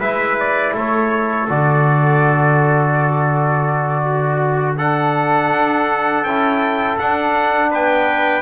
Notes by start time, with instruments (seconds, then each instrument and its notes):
0.00 double bass G#3, trombone E4, trumpet B4 E5
0.40 trumpet D5
0.74 double bass A3, trumpet A4 C#5
1.49 double bass D3, trombone F#4, trumpet D5
4.06 trumpet F#4
4.78 trombone D4, trumpet A4 F#5
5.52 double bass D4
6.24 double bass C#4, trombone E4, trumpet G5
6.99 double bass D4, trombone D4, trumpet F#5
7.71 double bass B3, trumpet B4 G5